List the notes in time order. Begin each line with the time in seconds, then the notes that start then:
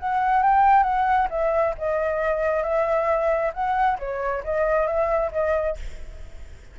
0.00 F#5
0.43 G5
0.83 F#5
1.30 E5
1.78 D#5
2.63 E5
3.54 F#5
3.99 C#5
4.44 D#5
4.87 E5
5.32 D#5